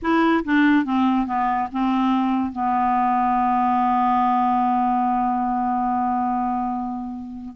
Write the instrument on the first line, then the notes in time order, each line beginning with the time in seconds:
clarinet
0.02 E4
0.44 D4
0.84 C4
1.26 B3
1.72 C4
2.52 B3